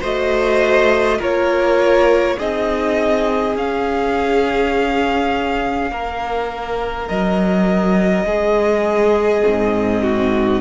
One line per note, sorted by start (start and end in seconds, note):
0.00 1.20 A3
0.00 1.19 F#4
0.00 1.18 C5
0.00 1.21 D#5
1.18 2.38 A#3
1.18 2.38 F4
1.18 2.36 A#4
1.18 2.39 C#5
2.38 3.56 C4
2.38 3.56 D#4
2.38 5.91 G#4
2.38 3.56 D#5
3.56 5.91 C#4
3.56 9.42 C#4
3.56 7.08 F5
5.91 7.09 A#3
5.91 8.26 A#4
7.08 8.24 F#3
7.08 10.61 D#5
8.24 9.42 G#3
8.24 10.02 G#4
9.42 10.61 G#2
9.42 10.60 C4
10.02 10.61 F#4